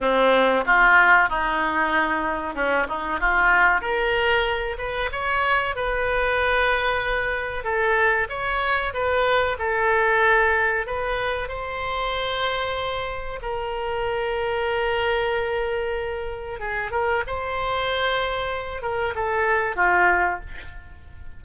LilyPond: \new Staff \with { instrumentName = "oboe" } { \time 4/4 \tempo 4 = 94 c'4 f'4 dis'2 | cis'8 dis'8 f'4 ais'4. b'8 | cis''4 b'2. | a'4 cis''4 b'4 a'4~ |
a'4 b'4 c''2~ | c''4 ais'2.~ | ais'2 gis'8 ais'8 c''4~ | c''4. ais'8 a'4 f'4 | }